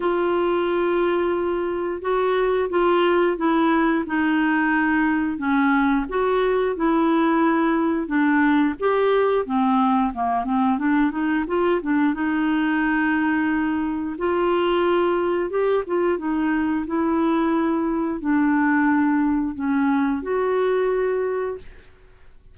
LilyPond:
\new Staff \with { instrumentName = "clarinet" } { \time 4/4 \tempo 4 = 89 f'2. fis'4 | f'4 e'4 dis'2 | cis'4 fis'4 e'2 | d'4 g'4 c'4 ais8 c'8 |
d'8 dis'8 f'8 d'8 dis'2~ | dis'4 f'2 g'8 f'8 | dis'4 e'2 d'4~ | d'4 cis'4 fis'2 | }